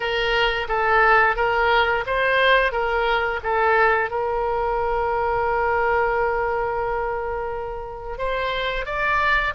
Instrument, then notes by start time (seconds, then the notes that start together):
oboe
0.00 A#4
0.68 A4
1.36 A#4
2.06 C5
2.71 A#4
3.43 A4
4.10 A#4
8.18 C5
8.85 D5